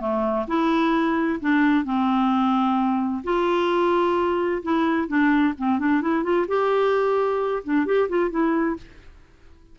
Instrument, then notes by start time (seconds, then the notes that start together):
clarinet
0.00 A3
0.47 E4
1.40 D4
1.85 C4
3.24 F4
4.63 E4
5.08 D4
5.57 C4
5.79 D4
6.01 E4
6.23 F4
6.47 G4
7.63 D4
7.85 G4
8.09 F4
8.30 E4